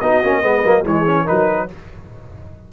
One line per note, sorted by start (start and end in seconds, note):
0.00 0.22 B3
0.00 0.23 D#4
0.00 0.40 F#4
0.00 0.84 D#5
0.23 0.42 A#3
0.23 0.42 C#4
0.40 0.63 G#3
0.40 0.63 B3
0.40 0.82 B4
0.63 0.85 F#3
0.63 0.84 A#3
0.82 1.27 E3
0.82 1.05 G#3
0.82 1.22 G#4
0.82 1.27 C#5
1.05 1.26 C#4
1.22 1.68 D#4
1.22 1.64 A#4
1.22 1.69 B4
1.30 1.72 F#3